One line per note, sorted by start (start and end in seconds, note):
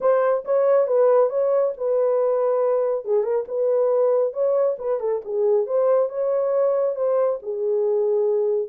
0.00 0.44 C5
0.44 0.87 C#5
0.87 1.29 B4
1.29 1.73 C#5
1.77 3.05 B4
3.05 3.23 G#4
3.23 3.44 A#4
3.47 4.33 B4
4.33 4.76 C#5
4.78 5.00 B4
5.00 5.21 A4
5.24 5.66 G#4
5.66 6.09 C5
6.09 6.95 C#5
6.95 7.39 C5
7.42 8.69 G#4